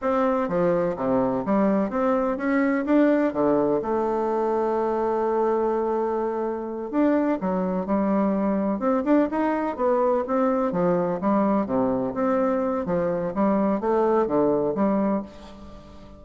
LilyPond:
\new Staff \with { instrumentName = "bassoon" } { \time 4/4 \tempo 4 = 126 c'4 f4 c4 g4 | c'4 cis'4 d'4 d4 | a1~ | a2~ a8 d'4 fis8~ |
fis8 g2 c'8 d'8 dis'8~ | dis'8 b4 c'4 f4 g8~ | g8 c4 c'4. f4 | g4 a4 d4 g4 | }